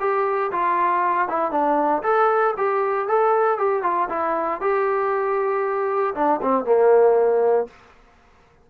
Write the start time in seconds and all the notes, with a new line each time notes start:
0.00 G4
0.52 F4
1.28 E4
1.51 D4
2.03 A4
2.57 G4
3.08 A4
3.58 G4
3.83 F4
4.09 E4
4.61 G4
6.15 D4
6.42 C4
6.65 A#3